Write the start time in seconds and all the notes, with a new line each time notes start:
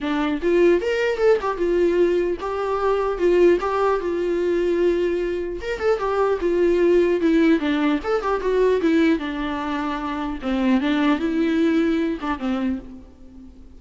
0.00 D4
0.42 F4
0.81 A#4
1.18 A4
1.41 G4
1.57 F4
2.40 G4
3.18 F4
3.60 G4
4.00 F4
5.61 A#4
5.79 A4
5.98 G4
6.40 F4
7.20 E4
7.59 D4
8.03 A4
8.21 G4
8.40 F#4
8.81 E4
9.18 D4
10.42 C4
10.80 D4
11.18 E4
12.21 D4
12.38 C4